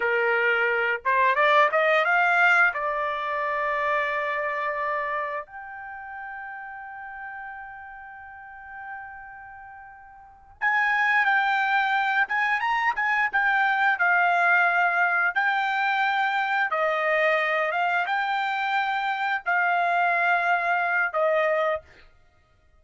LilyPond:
\new Staff \with { instrumentName = "trumpet" } { \time 4/4 \tempo 4 = 88 ais'4. c''8 d''8 dis''8 f''4 | d''1 | g''1~ | g''2.~ g''8 gis''8~ |
gis''8 g''4. gis''8 ais''8 gis''8 g''8~ | g''8 f''2 g''4.~ | g''8 dis''4. f''8 g''4.~ | g''8 f''2~ f''8 dis''4 | }